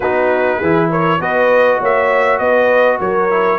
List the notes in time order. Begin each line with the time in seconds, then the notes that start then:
0.00 B3 D#4 F#4 B4
0.58 E3 E4 G#4
0.90 A#4 C#5
1.19 B3 F#4 B4 D#5
1.79 A#3 C#5 E5
2.38 B3 B4 D#5
3.00 F#3 A#4 C#5
3.30 E4